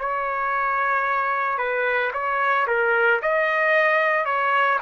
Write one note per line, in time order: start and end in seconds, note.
0.00 1.58 C#5
1.58 2.12 B4
2.13 2.67 C#5
2.67 3.21 A#4
3.22 4.26 D#5
4.26 4.79 C#5